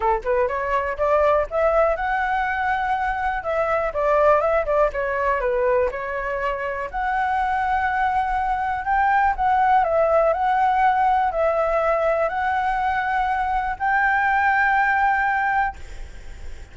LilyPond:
\new Staff \with { instrumentName = "flute" } { \time 4/4 \tempo 4 = 122 a'8 b'8 cis''4 d''4 e''4 | fis''2. e''4 | d''4 e''8 d''8 cis''4 b'4 | cis''2 fis''2~ |
fis''2 g''4 fis''4 | e''4 fis''2 e''4~ | e''4 fis''2. | g''1 | }